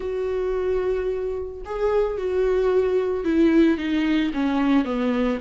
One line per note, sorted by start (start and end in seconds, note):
0.00 1.61 F#4
1.65 2.17 G#4
2.17 3.24 F#4
3.24 3.77 E4
3.77 4.31 D#4
4.33 4.84 C#4
4.84 5.38 B3